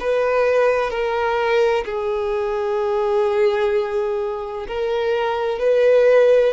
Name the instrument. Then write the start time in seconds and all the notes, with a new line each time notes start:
violin
0.00 B4
0.91 A#4
1.85 G#4
4.67 A#4
5.60 B4